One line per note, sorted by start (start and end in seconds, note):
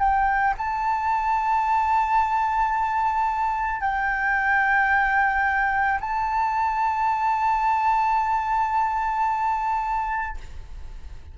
0.00 0.55 G5
0.59 3.81 A5
3.81 6.00 G5
6.01 10.37 A5